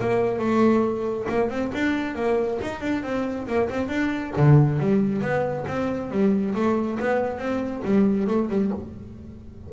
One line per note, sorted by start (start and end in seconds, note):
0.00 0.39 A#3
0.39 1.26 A3
1.29 1.50 A#3
1.50 1.72 C4
1.74 2.15 D4
2.15 2.59 A#3
2.62 2.81 D#4
2.81 3.03 D4
3.03 3.47 C4
3.47 3.69 A#3
3.70 3.89 C4
3.89 4.32 D4
4.36 4.80 D3
4.80 5.22 G3
5.22 5.65 B3
5.68 6.11 C4
6.11 6.55 G3
6.55 6.99 A3
7.00 7.39 B3
7.39 7.82 C4
7.84 8.27 G3
8.27 8.49 A3
8.49 8.71 G3